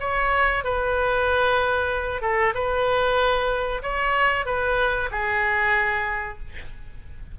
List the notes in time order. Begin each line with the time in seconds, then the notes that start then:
0.00 C#5
0.64 B4
2.21 A4
2.54 B4
3.82 C#5
4.46 B4
5.11 G#4